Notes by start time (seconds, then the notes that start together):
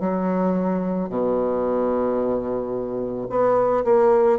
0.00 F#3
1.09 B2
3.29 B3
3.84 A#3